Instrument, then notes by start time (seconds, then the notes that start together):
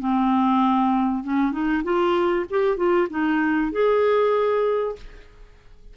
clarinet
0.00 C4
1.24 C#4
1.52 D#4
1.84 F4
2.50 G4
2.77 F4
3.10 D#4
3.72 G#4